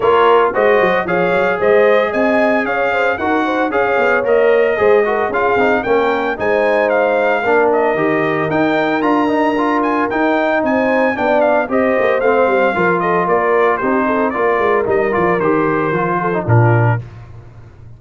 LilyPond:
<<
  \new Staff \with { instrumentName = "trumpet" } { \time 4/4 \tempo 4 = 113 cis''4 dis''4 f''4 dis''4 | gis''4 f''4 fis''4 f''4 | dis''2 f''4 g''4 | gis''4 f''4. dis''4. |
g''4 ais''4. gis''8 g''4 | gis''4 g''8 f''8 dis''4 f''4~ | f''8 dis''8 d''4 c''4 d''4 | dis''8 d''8 c''2 ais'4 | }
  \new Staff \with { instrumentName = "horn" } { \time 4/4 ais'4 c''4 cis''4 c''4 | dis''4 cis''8 c''8 ais'8 c''8 cis''4~ | cis''4 c''8 ais'8 gis'4 ais'4 | c''2 ais'2~ |
ais'1 | c''4 d''4 c''2 | ais'8 a'8 ais'4 g'8 a'8 ais'4~ | ais'2~ ais'8 a'8 f'4 | }
  \new Staff \with { instrumentName = "trombone" } { \time 4/4 f'4 fis'4 gis'2~ | gis'2 fis'4 gis'4 | ais'4 gis'8 fis'8 f'8 dis'8 cis'4 | dis'2 d'4 g'4 |
dis'4 f'8 dis'8 f'4 dis'4~ | dis'4 d'4 g'4 c'4 | f'2 dis'4 f'4 | dis'8 f'8 g'4 f'8. dis'16 d'4 | }
  \new Staff \with { instrumentName = "tuba" } { \time 4/4 ais4 gis8 fis8 f8 fis8 gis4 | c'4 cis'4 dis'4 cis'8 b8 | ais4 gis4 cis'8 c'8 ais4 | gis2 ais4 dis4 |
dis'4 d'2 dis'4 | c'4 b4 c'8 ais8 a8 g8 | f4 ais4 c'4 ais8 gis8 | g8 f8 dis4 f4 ais,4 | }
>>